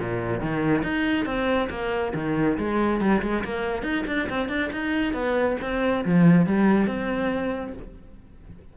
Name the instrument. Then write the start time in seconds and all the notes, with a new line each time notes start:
cello
0.00 A#2
0.41 D#3
0.83 D#4
1.26 C4
1.70 A#3
2.15 D#3
2.58 G#3
3.01 G3
3.23 G#3
3.45 A#3
3.83 D#4
4.08 D4
4.30 C4
4.49 D4
4.73 D#4
5.14 B3
5.62 C4
6.06 F3
6.47 G3
6.88 C4